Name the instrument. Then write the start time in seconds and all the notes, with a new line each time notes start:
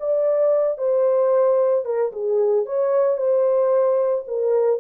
horn
0.00 D5
0.78 C5
1.86 A#4
2.12 G#4
2.66 C#5
3.18 C5
4.28 A#4